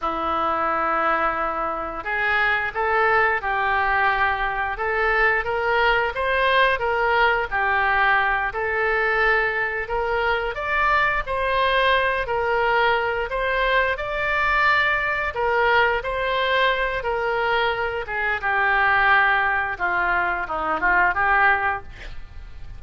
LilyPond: \new Staff \with { instrumentName = "oboe" } { \time 4/4 \tempo 4 = 88 e'2. gis'4 | a'4 g'2 a'4 | ais'4 c''4 ais'4 g'4~ | g'8 a'2 ais'4 d''8~ |
d''8 c''4. ais'4. c''8~ | c''8 d''2 ais'4 c''8~ | c''4 ais'4. gis'8 g'4~ | g'4 f'4 dis'8 f'8 g'4 | }